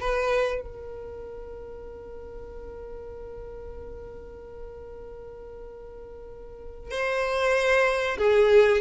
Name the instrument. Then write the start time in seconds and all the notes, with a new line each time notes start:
violin
0.00 B4
0.61 A#4
6.91 C5
8.18 G#4